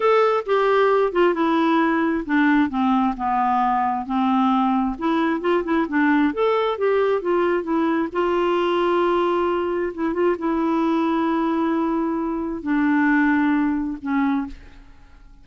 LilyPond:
\new Staff \with { instrumentName = "clarinet" } { \time 4/4 \tempo 4 = 133 a'4 g'4. f'8 e'4~ | e'4 d'4 c'4 b4~ | b4 c'2 e'4 | f'8 e'8 d'4 a'4 g'4 |
f'4 e'4 f'2~ | f'2 e'8 f'8 e'4~ | e'1 | d'2. cis'4 | }